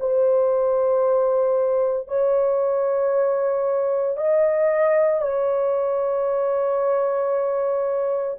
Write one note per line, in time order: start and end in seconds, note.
0.00 2.08 C5
2.08 4.17 C#5
4.17 5.21 D#5
5.21 8.37 C#5